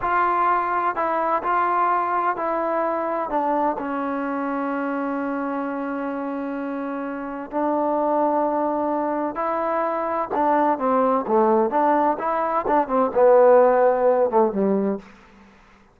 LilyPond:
\new Staff \with { instrumentName = "trombone" } { \time 4/4 \tempo 4 = 128 f'2 e'4 f'4~ | f'4 e'2 d'4 | cis'1~ | cis'1 |
d'1 | e'2 d'4 c'4 | a4 d'4 e'4 d'8 c'8 | b2~ b8 a8 g4 | }